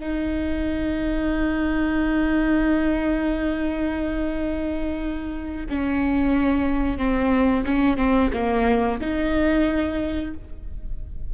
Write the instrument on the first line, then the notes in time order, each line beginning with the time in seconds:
viola
0.00 D#4
5.70 C#4
6.98 C4
7.65 C#4
7.97 C4
8.34 A#3
9.01 D#4